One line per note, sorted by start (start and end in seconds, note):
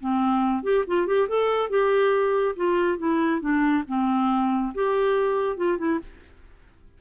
0.00 0.63 C4
0.63 0.85 G4
0.87 1.07 F4
1.07 1.28 G4
1.28 1.69 A4
1.69 2.55 G4
2.56 2.98 F4
2.98 3.41 E4
3.41 3.84 D4
3.87 4.73 C4
4.75 5.57 G4
5.57 5.78 F4
5.78 5.99 E4